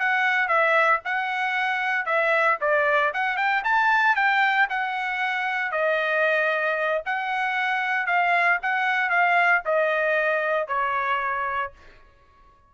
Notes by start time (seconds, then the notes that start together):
0.00 F#5
0.48 E5
1.06 F#5
2.06 E5
2.61 D5
3.14 F#5
3.37 G5
3.65 A5
4.16 G5
4.70 F#5
5.72 D#5
7.06 F#5
8.07 F5
8.63 F#5
9.10 F5
9.66 D#5
10.68 C#5